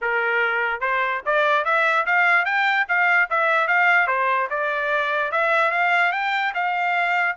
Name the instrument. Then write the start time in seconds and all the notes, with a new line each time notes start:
trumpet
0.01 A#4
0.80 C5
1.25 D5
1.64 E5
2.05 F5
2.45 G5
2.88 F5
3.30 E5
3.67 F5
4.07 C5
4.50 D5
5.31 E5
5.71 F5
6.12 G5
6.54 F5